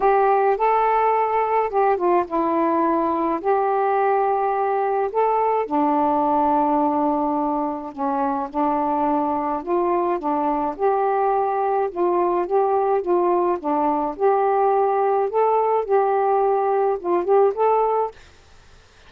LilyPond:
\new Staff \with { instrumentName = "saxophone" } { \time 4/4 \tempo 4 = 106 g'4 a'2 g'8 f'8 | e'2 g'2~ | g'4 a'4 d'2~ | d'2 cis'4 d'4~ |
d'4 f'4 d'4 g'4~ | g'4 f'4 g'4 f'4 | d'4 g'2 a'4 | g'2 f'8 g'8 a'4 | }